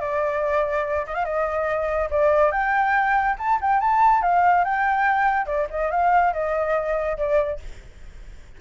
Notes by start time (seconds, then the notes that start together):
0.00 D5
1.06 D#5
1.14 F5
1.25 D#5
2.10 D5
2.52 G5
3.38 A5
3.61 G5
3.80 A5
4.22 F5
4.65 G5
5.46 D5
5.70 D#5
5.91 F5
6.33 D#5
7.17 D5